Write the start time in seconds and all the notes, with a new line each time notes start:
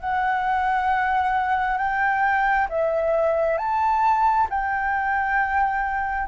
0.00 F#5
1.77 G5
2.69 E5
3.58 A5
4.49 G5